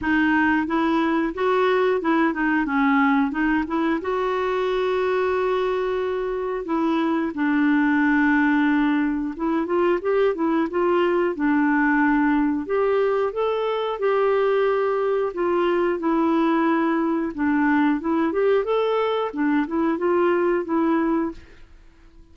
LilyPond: \new Staff \with { instrumentName = "clarinet" } { \time 4/4 \tempo 4 = 90 dis'4 e'4 fis'4 e'8 dis'8 | cis'4 dis'8 e'8 fis'2~ | fis'2 e'4 d'4~ | d'2 e'8 f'8 g'8 e'8 |
f'4 d'2 g'4 | a'4 g'2 f'4 | e'2 d'4 e'8 g'8 | a'4 d'8 e'8 f'4 e'4 | }